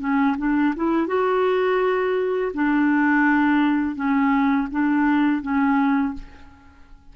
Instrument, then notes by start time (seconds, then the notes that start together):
clarinet
0.00 C#4
0.38 D4
0.76 E4
1.07 F#4
2.54 D4
3.96 C#4
4.71 D4
5.42 C#4